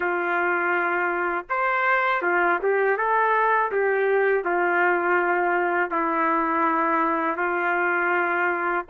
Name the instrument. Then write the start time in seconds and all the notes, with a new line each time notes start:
trumpet
0.00 F4
1.49 C5
2.22 F4
2.62 G4
2.97 A4
3.71 G4
4.44 F4
5.91 E4
7.37 F4